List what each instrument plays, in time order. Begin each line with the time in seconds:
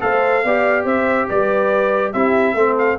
0.00 tuba A3, trombone A4, horn C5, trumpet F5
0.44 tuba B3, trombone G4, horn D5
0.84 tuba C4, horn C5, trumpet E5
1.29 tuba G3, horn B4, trumpet D5
2.12 tuba C4, trombone E4, horn G4, trumpet E5
2.54 tuba A3, trombone C4, horn A4
2.78 trumpet F5